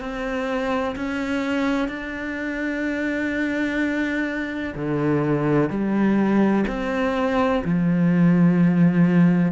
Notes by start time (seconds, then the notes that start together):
0.00 C4
0.96 C#4
1.88 D4
4.75 D3
5.70 G3
6.67 C4
7.65 F3